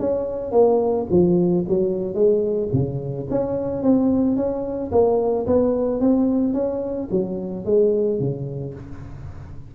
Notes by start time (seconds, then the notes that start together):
0.00 C#4
0.52 A#3
1.11 F3
1.68 F#3
2.15 G#3
2.73 C#3
3.30 C#4
3.83 C4
4.37 C#4
4.92 A#3
5.47 B3
6.01 C4
6.54 C#4
7.11 F#3
7.66 G#3
8.20 C#3